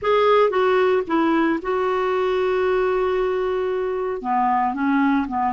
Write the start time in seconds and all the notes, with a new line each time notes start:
0.01 G#4
0.50 F#4
1.07 E4
1.61 F#4
4.21 B3
4.73 C#4
5.28 B3